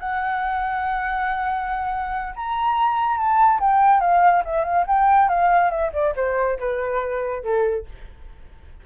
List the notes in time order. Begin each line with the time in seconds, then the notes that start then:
0.00 F#5
2.36 A#5
3.17 A5
3.60 G5
4.00 F5
4.44 E5
4.64 F5
4.87 G5
5.29 F5
5.71 E5
5.93 D5
6.16 C5
6.59 B4
7.43 A4